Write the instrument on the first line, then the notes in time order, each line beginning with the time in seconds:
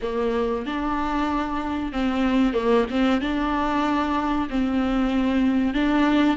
viola
0.02 A#3
0.66 D4
1.92 C4
2.53 A#3
2.90 C4
3.21 D4
4.49 C4
5.73 D4